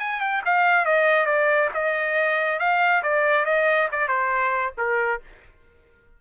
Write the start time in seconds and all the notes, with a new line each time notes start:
0.00 G#5
0.21 G5
0.46 F5
0.86 D#5
1.27 D5
1.74 D#5
2.60 F5
3.03 D5
3.46 D#5
3.92 D5
4.08 C5
4.78 A#4